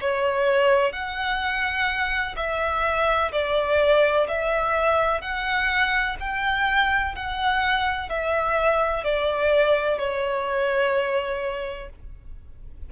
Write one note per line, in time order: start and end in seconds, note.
0.00 0.92 C#5
0.92 2.35 F#5
2.36 3.31 E5
3.32 4.27 D5
4.28 5.21 E5
5.21 6.16 F#5
6.19 7.15 G5
7.15 8.09 F#5
8.09 9.03 E5
9.03 9.98 D5
9.98 11.89 C#5